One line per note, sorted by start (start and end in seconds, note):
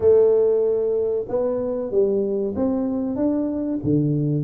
0.00 1.25 A3
1.28 1.91 B3
1.91 2.54 G3
2.55 3.16 C4
3.16 3.79 D4
3.83 4.43 D3